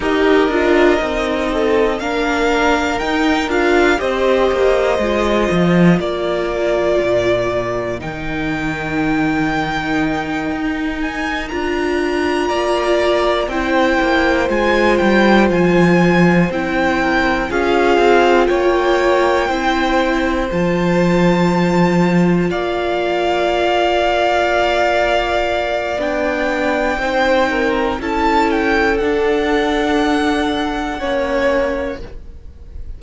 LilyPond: <<
  \new Staff \with { instrumentName = "violin" } { \time 4/4 \tempo 4 = 60 dis''2 f''4 g''8 f''8 | dis''2 d''2 | g''2. gis''8 ais''8~ | ais''4. g''4 gis''8 g''8 gis''8~ |
gis''8 g''4 f''4 g''4.~ | g''8 a''2 f''4.~ | f''2 g''2 | a''8 g''8 fis''2. | }
  \new Staff \with { instrumentName = "violin" } { \time 4/4 ais'4. a'8 ais'2 | c''2 ais'2~ | ais'1~ | ais'8 d''4 c''2~ c''8~ |
c''4 ais'8 gis'4 cis''4 c''8~ | c''2~ c''8 d''4.~ | d''2. c''8 ais'8 | a'2. cis''4 | }
  \new Staff \with { instrumentName = "viola" } { \time 4/4 g'8 f'8 dis'4 d'4 dis'8 f'8 | g'4 f'2. | dis'2.~ dis'8 f'8~ | f'4. e'4 f'4.~ |
f'8 e'4 f'2 e'8~ | e'8 f'2.~ f'8~ | f'2 d'4 dis'4 | e'4 d'2 cis'4 | }
  \new Staff \with { instrumentName = "cello" } { \time 4/4 dis'8 d'8 c'4 ais4 dis'8 d'8 | c'8 ais8 gis8 f8 ais4 ais,4 | dis2~ dis8 dis'4 d'8~ | d'8 ais4 c'8 ais8 gis8 g8 f8~ |
f8 c'4 cis'8 c'8 ais4 c'8~ | c'8 f2 ais4.~ | ais2 b4 c'4 | cis'4 d'2 ais4 | }
>>